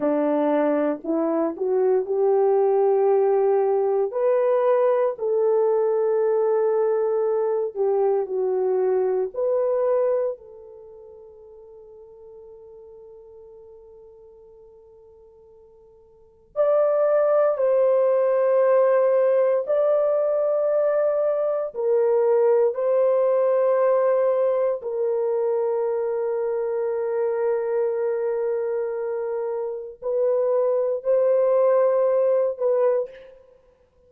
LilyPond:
\new Staff \with { instrumentName = "horn" } { \time 4/4 \tempo 4 = 58 d'4 e'8 fis'8 g'2 | b'4 a'2~ a'8 g'8 | fis'4 b'4 a'2~ | a'1 |
d''4 c''2 d''4~ | d''4 ais'4 c''2 | ais'1~ | ais'4 b'4 c''4. b'8 | }